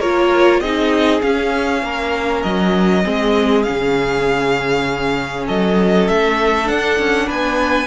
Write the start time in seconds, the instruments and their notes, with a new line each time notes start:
0.00 cello A#3, viola F4, violin A#4 C#5
0.60 cello C4, viola D#4, violin G#4 D#5
1.22 viola C#4, cello C#4, violin F5
1.83 cello A#3, violin A#4
2.43 cello F#3, violin D#5
3.04 cello G#3, viola C4, violin G#4
3.63 cello C#3, viola C#4, violin F5
5.47 cello F#3, violin A4 D#5
6.09 cello A3, violin E5
6.65 viola D4, cello D4, violin F#5
6.99 cello C#4
7.26 cello B3, violin B4 G#5